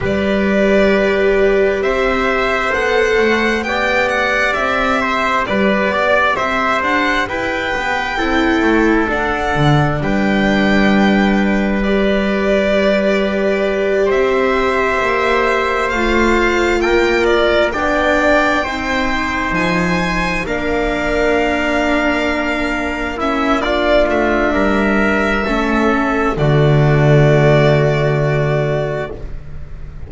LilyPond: <<
  \new Staff \with { instrumentName = "violin" } { \time 4/4 \tempo 4 = 66 d''2 e''4 fis''4 | g''8 fis''8 e''4 d''4 e''8 fis''8 | g''2 fis''4 g''4~ | g''4 d''2~ d''8 e''8~ |
e''4. f''4 g''8 d''8 g''8~ | g''4. gis''4 f''4.~ | f''4. e''8 d''8 e''4.~ | e''4 d''2. | }
  \new Staff \with { instrumentName = "trumpet" } { \time 4/4 b'2 c''2 | d''4. c''8 b'8 d''8 c''4 | b'4 a'2 b'4~ | b'2.~ b'8 c''8~ |
c''2~ c''8 ais'4 d''8~ | d''8 c''2 ais'4.~ | ais'4. e'8 f'4 ais'4 | a'4 fis'2. | }
  \new Staff \with { instrumentName = "viola" } { \time 4/4 g'2. a'4 | g'1~ | g'4 e'4 d'2~ | d'4 g'2.~ |
g'4. f'2 d'8~ | d'8 dis'2 d'4.~ | d'4. cis'8 d'2 | cis'4 a2. | }
  \new Staff \with { instrumentName = "double bass" } { \time 4/4 g2 c'4 b8 a8 | b4 c'4 g8 b8 c'8 d'8 | e'8 b8 c'8 a8 d'8 d8 g4~ | g2.~ g8 c'8~ |
c'8 ais4 a4 ais4 b8~ | b8 c'4 f4 ais4.~ | ais2~ ais8 a8 g4 | a4 d2. | }
>>